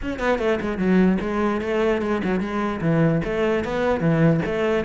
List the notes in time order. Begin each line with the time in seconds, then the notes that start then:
0.01 C#4
0.19 B3
0.38 A3
0.61 G#3
0.77 F#3
1.21 G#3
1.61 A3
2.01 G#3
2.23 F#3
2.40 G#3
2.81 E3
3.24 A3
3.64 B3
4.00 E3
4.45 A3